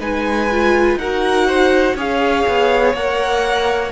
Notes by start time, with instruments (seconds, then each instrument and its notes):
0.00 cello G#3, viola D#4, violin B4 G#5
0.52 viola F4
0.96 cello D#4, violin A#4 F#5
1.03 viola F#4
1.48 violin C5
1.95 cello C#4, viola G#4, violin C#5 F5
2.48 cello B3
2.94 cello A#3, viola A#4, violin F#5